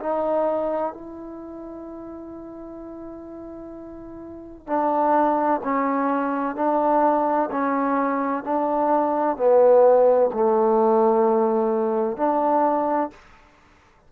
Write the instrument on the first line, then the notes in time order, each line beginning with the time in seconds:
trombone
0.00 D#4
0.93 E4
4.67 D4
5.64 C#4
6.56 D4
7.51 C#4
8.44 D4
9.37 B3
10.33 A3
12.17 D4